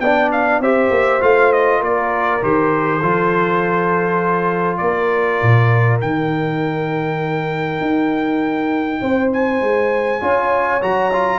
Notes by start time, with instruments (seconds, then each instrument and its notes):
0.00 tuba B3, trombone D4, horn D5, trumpet G5
0.32 trumpet F5
0.60 tuba C4, trombone G4, horn C5, trumpet E5
0.90 tuba A#3
1.21 tuba A3, trombone F4, trumpet F5
1.53 trumpet D#5
1.80 tuba A#3, horn A#4, trumpet D5
2.41 tuba D#3, trombone G4, trumpet C5
2.99 tuba F3, trombone F4, horn A4
4.78 tuba A#3, horn A#4, trumpet D5
5.43 tuba A#2
6.02 tuba D#3, trombone D#4, trumpet G5
7.81 tuba D#4
9.02 tuba C4, horn C5
9.33 trumpet G#5
9.62 tuba G#3
10.21 tuba C#4, trombone F4, horn C#5
10.82 tuba F#3, trombone F#4, trumpet A#5
11.13 trombone F4